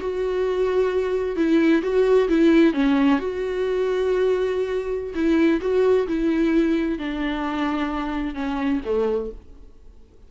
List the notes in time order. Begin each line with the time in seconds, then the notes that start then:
0.00 F#4
1.36 E4
1.82 F#4
2.28 E4
2.73 C#4
3.19 F#4
5.14 E4
5.61 F#4
6.07 E4
6.98 D4
8.34 C#4
8.85 A3